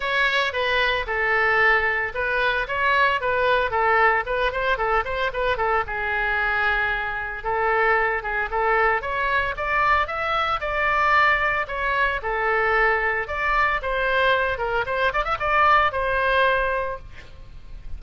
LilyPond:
\new Staff \with { instrumentName = "oboe" } { \time 4/4 \tempo 4 = 113 cis''4 b'4 a'2 | b'4 cis''4 b'4 a'4 | b'8 c''8 a'8 c''8 b'8 a'8 gis'4~ | gis'2 a'4. gis'8 |
a'4 cis''4 d''4 e''4 | d''2 cis''4 a'4~ | a'4 d''4 c''4. ais'8 | c''8 d''16 e''16 d''4 c''2 | }